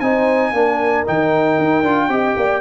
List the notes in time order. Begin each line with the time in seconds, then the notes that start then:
0.00 C4 D#4 C5 G#5
0.50 A#3 D4 A#4
1.05 D#3 D#4 G5
1.58 D#4
1.82 D4 F4
2.09 C4 G4 D#5
2.36 A#3 D5